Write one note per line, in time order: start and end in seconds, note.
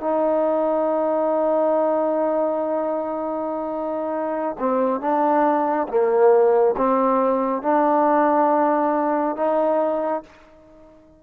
0.00 4.57 D#4
4.59 5.00 C4
5.00 5.87 D4
5.88 6.75 A#3
6.77 7.62 C4
7.62 9.36 D4
9.36 10.23 D#4